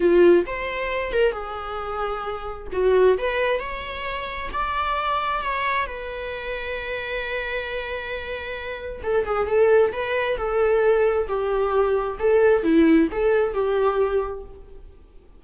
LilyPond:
\new Staff \with { instrumentName = "viola" } { \time 4/4 \tempo 4 = 133 f'4 c''4. ais'8 gis'4~ | gis'2 fis'4 b'4 | cis''2 d''2 | cis''4 b'2.~ |
b'1 | a'8 gis'8 a'4 b'4 a'4~ | a'4 g'2 a'4 | e'4 a'4 g'2 | }